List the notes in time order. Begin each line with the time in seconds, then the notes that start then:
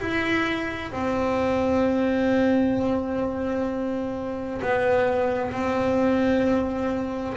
0.00 E4
0.92 C4
4.62 B3
5.52 C4